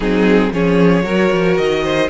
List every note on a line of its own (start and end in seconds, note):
0.00 0.50 F#3
0.00 0.53 C4
0.00 0.50 D#4
0.00 0.53 G#4
0.52 1.04 F3
0.52 1.03 C#4
0.52 1.04 G#4
0.52 1.57 C#5
1.03 1.30 F#3
1.03 2.08 F#4
1.03 1.83 A#4
1.31 1.57 F3
1.57 2.09 D#3
1.57 2.09 D#5
1.83 2.09 C5